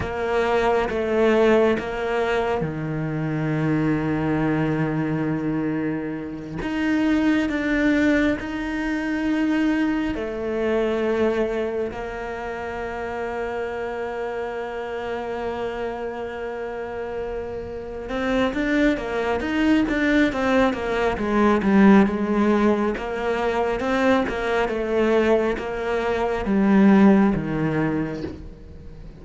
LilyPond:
\new Staff \with { instrumentName = "cello" } { \time 4/4 \tempo 4 = 68 ais4 a4 ais4 dis4~ | dis2.~ dis8 dis'8~ | dis'8 d'4 dis'2 a8~ | a4. ais2~ ais8~ |
ais1~ | ais8 c'8 d'8 ais8 dis'8 d'8 c'8 ais8 | gis8 g8 gis4 ais4 c'8 ais8 | a4 ais4 g4 dis4 | }